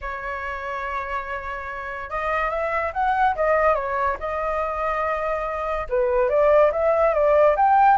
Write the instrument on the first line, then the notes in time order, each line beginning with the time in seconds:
flute
0.01 C#5
2.09 D#5
2.49 E5
2.93 F#5
3.35 D#5
3.75 C#5
4.19 D#5
5.89 B4
6.29 D5
6.72 E5
7.14 D5
7.56 G5